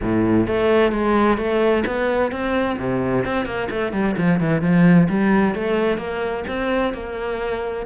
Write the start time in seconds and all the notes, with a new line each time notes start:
0.01 A2
0.47 A3
0.92 G#3
1.37 A3
1.86 B3
2.31 C4
2.79 C3
3.25 C4
3.45 A#3
3.70 A3
3.92 G3
4.17 F3
4.40 E3
4.61 F3
5.09 G3
5.54 A3
5.97 A#3
6.47 C4
6.93 A#3